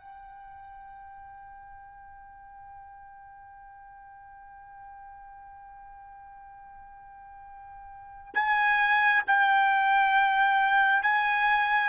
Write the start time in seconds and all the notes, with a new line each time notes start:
0.00 G5
8.34 G#5
9.27 G5
11.03 G#5